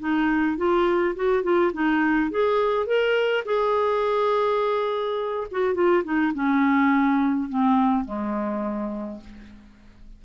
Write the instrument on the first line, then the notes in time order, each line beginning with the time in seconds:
clarinet
0.00 D#4
0.58 F4
1.16 F#4
1.44 F4
1.74 D#4
2.31 G#4
2.87 A#4
3.46 G#4
5.52 F#4
5.75 F4
6.04 D#4
6.35 C#4
7.50 C4
8.05 G#3